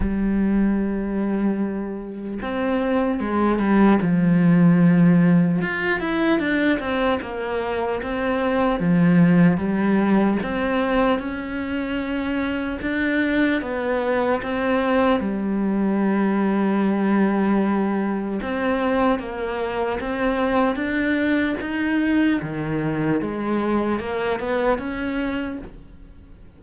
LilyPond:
\new Staff \with { instrumentName = "cello" } { \time 4/4 \tempo 4 = 75 g2. c'4 | gis8 g8 f2 f'8 e'8 | d'8 c'8 ais4 c'4 f4 | g4 c'4 cis'2 |
d'4 b4 c'4 g4~ | g2. c'4 | ais4 c'4 d'4 dis'4 | dis4 gis4 ais8 b8 cis'4 | }